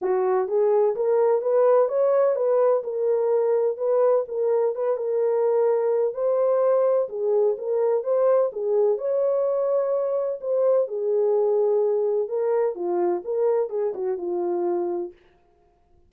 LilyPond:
\new Staff \with { instrumentName = "horn" } { \time 4/4 \tempo 4 = 127 fis'4 gis'4 ais'4 b'4 | cis''4 b'4 ais'2 | b'4 ais'4 b'8 ais'4.~ | ais'4 c''2 gis'4 |
ais'4 c''4 gis'4 cis''4~ | cis''2 c''4 gis'4~ | gis'2 ais'4 f'4 | ais'4 gis'8 fis'8 f'2 | }